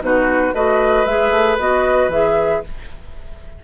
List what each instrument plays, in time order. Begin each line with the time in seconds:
0.00 bassoon B2, clarinet D#4, oboe F#4, flute B4
0.53 bassoon A3, clarinet F#4, oboe B4, flute D#5
1.05 bassoon G#3, clarinet G#4, flute E5
1.31 bassoon A3
1.58 bassoon B3, clarinet F#4, flute D#5
2.08 bassoon E3, clarinet G#4, flute E5